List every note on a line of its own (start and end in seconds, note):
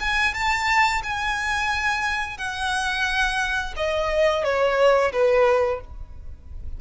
0.00 0.34 G#5
0.34 1.02 A5
1.03 2.37 G#5
2.37 3.74 F#5
3.77 4.44 D#5
4.44 5.12 C#5
5.12 5.80 B4